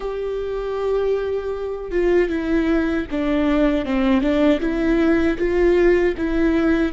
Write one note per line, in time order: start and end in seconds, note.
0.00 1.91 G4
1.91 2.29 F4
2.29 3.06 E4
3.10 3.85 D4
3.85 4.21 C4
4.21 4.59 D4
4.60 5.37 E4
5.37 6.14 F4
6.17 6.92 E4